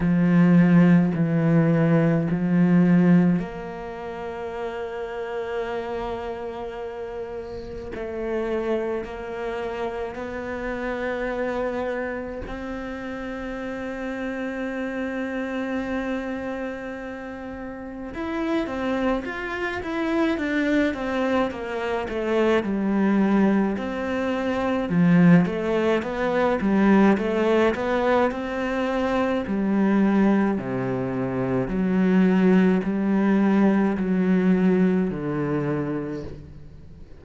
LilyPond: \new Staff \with { instrumentName = "cello" } { \time 4/4 \tempo 4 = 53 f4 e4 f4 ais4~ | ais2. a4 | ais4 b2 c'4~ | c'1 |
e'8 c'8 f'8 e'8 d'8 c'8 ais8 a8 | g4 c'4 f8 a8 b8 g8 | a8 b8 c'4 g4 c4 | fis4 g4 fis4 d4 | }